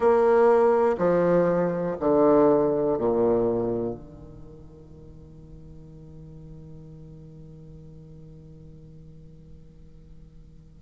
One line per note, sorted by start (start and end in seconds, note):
0.00 0.96 A#3
0.97 1.96 F3
1.99 2.98 D3
2.98 3.94 A#2
3.94 10.81 D#3